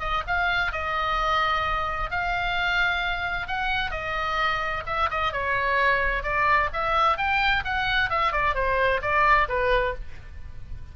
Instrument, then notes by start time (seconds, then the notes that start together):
oboe
0.00 D#5
0.27 F5
0.72 D#5
2.11 F5
3.48 F#5
3.91 D#5
4.87 E5
5.11 D#5
5.33 C#5
6.23 D5
6.73 E5
7.18 G5
7.65 F#5
8.10 E5
8.33 D5
8.55 C5
9.02 D5
9.49 B4